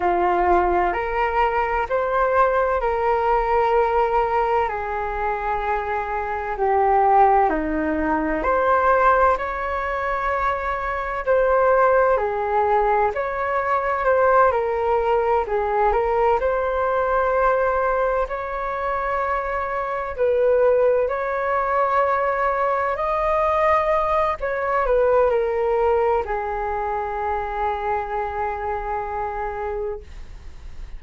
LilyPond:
\new Staff \with { instrumentName = "flute" } { \time 4/4 \tempo 4 = 64 f'4 ais'4 c''4 ais'4~ | ais'4 gis'2 g'4 | dis'4 c''4 cis''2 | c''4 gis'4 cis''4 c''8 ais'8~ |
ais'8 gis'8 ais'8 c''2 cis''8~ | cis''4. b'4 cis''4.~ | cis''8 dis''4. cis''8 b'8 ais'4 | gis'1 | }